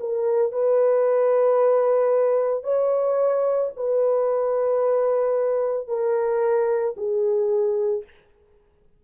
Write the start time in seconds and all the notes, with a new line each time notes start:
0.00 A#4
0.52 B4
2.63 C#5
3.76 B4
5.88 A#4
6.97 G#4